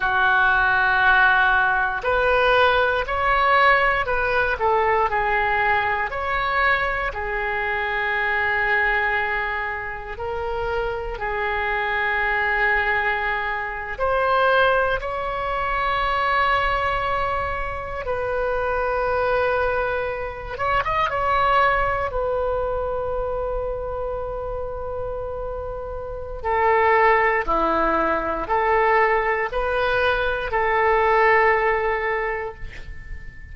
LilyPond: \new Staff \with { instrumentName = "oboe" } { \time 4/4 \tempo 4 = 59 fis'2 b'4 cis''4 | b'8 a'8 gis'4 cis''4 gis'4~ | gis'2 ais'4 gis'4~ | gis'4.~ gis'16 c''4 cis''4~ cis''16~ |
cis''4.~ cis''16 b'2~ b'16~ | b'16 cis''16 dis''16 cis''4 b'2~ b'16~ | b'2 a'4 e'4 | a'4 b'4 a'2 | }